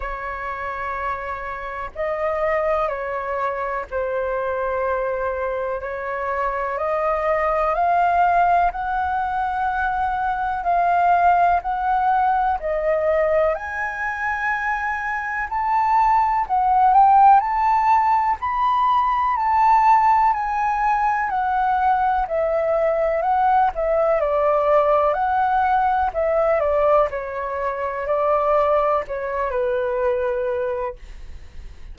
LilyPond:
\new Staff \with { instrumentName = "flute" } { \time 4/4 \tempo 4 = 62 cis''2 dis''4 cis''4 | c''2 cis''4 dis''4 | f''4 fis''2 f''4 | fis''4 dis''4 gis''2 |
a''4 fis''8 g''8 a''4 b''4 | a''4 gis''4 fis''4 e''4 | fis''8 e''8 d''4 fis''4 e''8 d''8 | cis''4 d''4 cis''8 b'4. | }